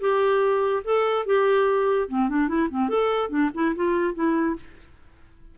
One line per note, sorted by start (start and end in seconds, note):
0.00 0.83 G4
0.84 1.25 A4
1.26 2.08 G4
2.08 2.29 C4
2.29 2.48 D4
2.48 2.69 E4
2.70 2.89 C4
2.89 3.29 A4
3.29 3.50 D4
3.54 3.75 E4
3.75 4.14 F4
4.14 4.56 E4